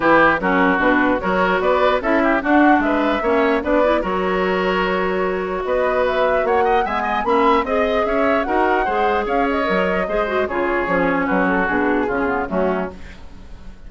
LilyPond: <<
  \new Staff \with { instrumentName = "flute" } { \time 4/4 \tempo 4 = 149 b'4 ais'4 b'4 cis''4 | d''4 e''4 fis''4 e''4~ | e''4 d''4 cis''2~ | cis''2 dis''4 e''4 |
fis''4 gis''4 b''4 dis''4 | e''4 fis''2 f''8 dis''8~ | dis''2 cis''2 | b'8 a'8 gis'2 fis'4 | }
  \new Staff \with { instrumentName = "oboe" } { \time 4/4 g'4 fis'2 ais'4 | b'4 a'8 g'8 fis'4 b'4 | cis''4 b'4 ais'2~ | ais'2 b'2 |
cis''8 dis''8 e''8 dis''8 e''4 dis''4 | cis''4 ais'4 c''4 cis''4~ | cis''4 c''4 gis'2 | fis'2 f'4 cis'4 | }
  \new Staff \with { instrumentName = "clarinet" } { \time 4/4 e'4 cis'4 d'4 fis'4~ | fis'4 e'4 d'2 | cis'4 d'8 e'8 fis'2~ | fis'1~ |
fis'4 b4 cis'4 gis'4~ | gis'4 fis'4 gis'2 | ais'4 gis'8 fis'8 f'4 cis'4~ | cis'4 d'4 cis'8 b8 a4 | }
  \new Staff \with { instrumentName = "bassoon" } { \time 4/4 e4 fis4 b,4 fis4 | b4 cis'4 d'4 gis4 | ais4 b4 fis2~ | fis2 b2 |
ais4 gis4 ais4 c'4 | cis'4 dis'4 gis4 cis'4 | fis4 gis4 cis4 f4 | fis4 b,4 cis4 fis4 | }
>>